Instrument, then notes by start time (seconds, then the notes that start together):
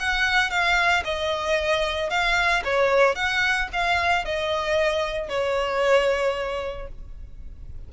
violin
0.00 F#5
0.50 F5
1.05 D#5
2.10 F5
2.65 C#5
3.15 F#5
3.73 F5
4.25 D#5
5.29 C#5